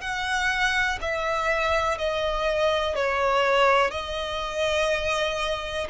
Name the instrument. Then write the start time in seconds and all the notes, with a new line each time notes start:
violin
0.00 F#5
1.01 E5
1.98 D#5
2.95 C#5
3.91 D#5